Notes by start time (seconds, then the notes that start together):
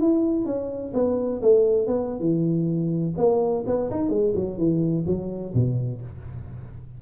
0.00 E4
0.45 C#4
0.94 B3
1.42 A3
1.87 B3
2.20 E3
3.17 A#3
3.67 B3
3.91 D#4
4.09 G#3
4.36 F#3
4.58 E3
5.07 F#3
5.54 B2